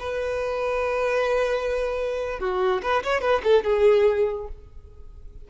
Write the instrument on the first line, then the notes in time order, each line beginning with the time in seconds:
violin
0.00 B4
2.40 F#4
2.82 B4
3.03 C#5
3.21 B4
3.44 A4
3.64 G#4